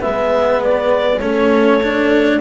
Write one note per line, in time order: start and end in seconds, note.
0.00 1.20 G#3
0.00 1.20 B3
0.00 1.21 B4
0.00 0.62 E5
0.63 1.20 D5
1.20 2.40 A3
1.20 1.81 C#4
1.20 2.41 A4
1.20 2.40 C#5
1.83 2.41 D4